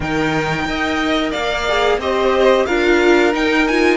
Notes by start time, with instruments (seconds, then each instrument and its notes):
0.00 cello D#3, viola D#4, violin A#4 G5
0.65 cello D#4, viola A#4, violin D#5
1.31 cello A#3, violin D5 F5
1.68 viola G#4
1.97 cello C4, viola G4, violin C5 D#5
2.66 cello D4, viola F4, violin A#4 F5
3.32 viola D#4, cello D#4, violin G5
3.67 viola F4, violin G#5